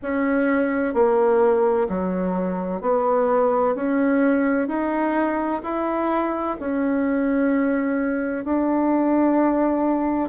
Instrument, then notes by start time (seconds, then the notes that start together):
bassoon
0.02 C#4
0.94 A#3
1.88 F#3
2.81 B3
3.75 C#4
4.67 D#4
5.62 E4
6.59 C#4
8.44 D4